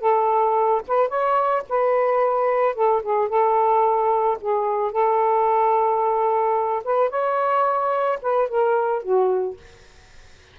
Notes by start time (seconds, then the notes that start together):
0.00 A4
0.88 B4
1.08 C#5
1.69 B4
2.75 A4
3.02 G#4
3.29 A4
4.41 G#4
4.92 A4
6.84 B4
7.10 C#5
8.22 B4
8.49 A#4
9.02 F#4